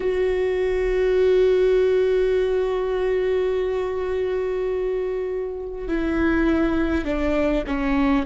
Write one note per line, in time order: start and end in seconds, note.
0.00 5.88 F#4
5.88 7.04 E4
7.04 7.63 D4
7.66 8.25 C#4